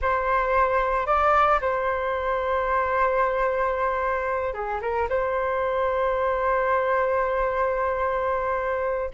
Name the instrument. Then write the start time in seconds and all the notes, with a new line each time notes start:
flute
0.01 C5
1.06 D5
1.61 C5
4.53 G#4
4.81 A#4
5.09 C5